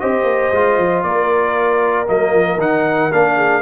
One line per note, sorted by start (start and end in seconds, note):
0.00 0.24 C4
0.00 0.54 G4
0.00 1.05 C5
0.00 1.03 D#5
0.24 0.50 A#3
0.53 0.78 G#3
0.53 2.06 F4
0.78 1.04 F3
1.03 2.07 A#3
1.03 3.36 A#4
1.03 2.07 D5
2.06 2.33 F#3
2.06 2.58 A#3
2.06 2.60 D#5
2.33 2.57 F3
2.57 3.09 D#3
2.57 3.11 D#4
2.57 3.12 F#5
3.12 3.62 A#3
3.12 3.62 D4
3.12 3.62 F5
3.36 3.62 G#4